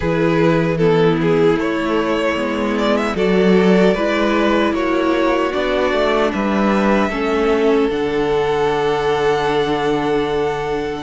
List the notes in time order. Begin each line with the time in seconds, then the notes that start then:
0.00 E3 E4 G#4 B4
0.77 B3 E4 A4
1.21 G#4
1.56 A3 C#5
2.35 G#3 B3
2.77 D5
2.96 E5
3.15 F#3 F#4 A4 D5
3.94 G#3 E4 B4
4.72 A#3 F#4 C#5
5.52 B3 D4 D5
5.92 A3
6.32 G3 B4 E5
7.09 A3 C#4 A4
7.89 D3 D4 F#5